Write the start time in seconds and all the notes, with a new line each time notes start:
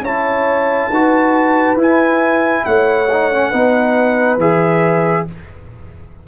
0.00 C#4 E4 C#5 A5
0.89 D#4 F#4 B4
1.76 E4 G#5
2.65 A3 C#5 F#5
3.12 D#4
3.32 C#4
3.50 B3 D#4 B4
4.37 E3 G#4 E5